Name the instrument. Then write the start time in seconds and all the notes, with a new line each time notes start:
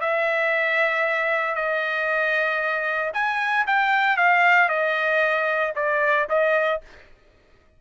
trumpet
0.00 E5
1.55 D#5
3.13 G#5
3.67 G5
4.16 F5
4.68 D#5
5.75 D5
6.29 D#5